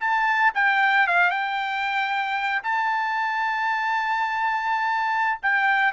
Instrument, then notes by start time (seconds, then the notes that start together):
trumpet
0.00 A5
0.55 G5
1.07 F5
1.31 G5
2.63 A5
5.43 G5